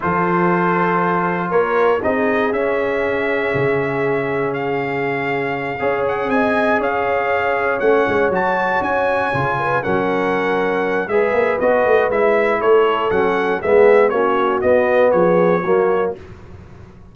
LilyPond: <<
  \new Staff \with { instrumentName = "trumpet" } { \time 4/4 \tempo 4 = 119 c''2. cis''4 | dis''4 e''2.~ | e''4 f''2. | fis''8 gis''4 f''2 fis''8~ |
fis''8 a''4 gis''2 fis''8~ | fis''2 e''4 dis''4 | e''4 cis''4 fis''4 e''4 | cis''4 dis''4 cis''2 | }
  \new Staff \with { instrumentName = "horn" } { \time 4/4 a'2. ais'4 | gis'1~ | gis'2.~ gis'8 cis''8~ | cis''8 dis''4 cis''2~ cis''8~ |
cis''2. b'8 ais'8~ | ais'2 b'2~ | b'4 a'2 gis'4 | fis'2 gis'4 fis'4 | }
  \new Staff \with { instrumentName = "trombone" } { \time 4/4 f'1 | dis'4 cis'2.~ | cis'2.~ cis'8 gis'8~ | gis'2.~ gis'8 cis'8~ |
cis'8 fis'2 f'4 cis'8~ | cis'2 gis'4 fis'4 | e'2 cis'4 b4 | cis'4 b2 ais4 | }
  \new Staff \with { instrumentName = "tuba" } { \time 4/4 f2. ais4 | c'4 cis'2 cis4~ | cis2.~ cis8 cis'8~ | cis'8 c'4 cis'2 a8 |
gis8 fis4 cis'4 cis4 fis8~ | fis2 gis8 ais8 b8 a8 | gis4 a4 fis4 gis4 | ais4 b4 f4 fis4 | }
>>